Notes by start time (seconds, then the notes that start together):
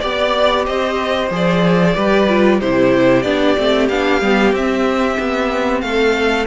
0.00 B3 G4 D5
0.66 C4 C5 D#5
1.30 F3 G#4 D5
1.95 G3 G4 B4
2.28 F4
2.60 C3 E4 G4 C5
3.22 B3 D4 D5
3.57 A3 C4
3.88 B3 D4 F5
4.21 G3 B3
4.52 C4 E5
5.19 B3
5.81 A3 A4 F5